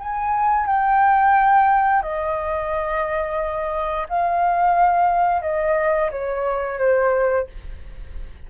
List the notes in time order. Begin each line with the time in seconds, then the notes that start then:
0.00 G#5
0.67 G5
2.03 D#5
4.09 F5
5.42 D#5
6.11 C#5
6.79 C5